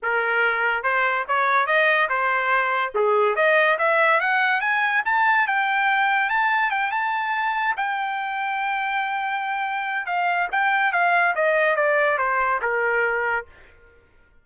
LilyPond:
\new Staff \with { instrumentName = "trumpet" } { \time 4/4 \tempo 4 = 143 ais'2 c''4 cis''4 | dis''4 c''2 gis'4 | dis''4 e''4 fis''4 gis''4 | a''4 g''2 a''4 |
g''8 a''2 g''4.~ | g''1 | f''4 g''4 f''4 dis''4 | d''4 c''4 ais'2 | }